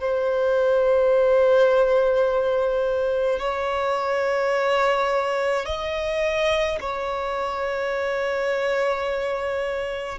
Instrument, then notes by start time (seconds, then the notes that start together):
violin
0.00 C5
3.40 C#5
5.66 D#5
6.81 C#5